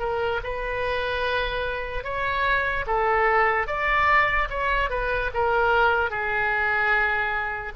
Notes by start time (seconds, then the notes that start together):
0.00 A#4
0.44 B4
2.04 C#5
2.87 A4
3.67 D5
4.50 C#5
4.90 B4
5.34 A#4
6.11 G#4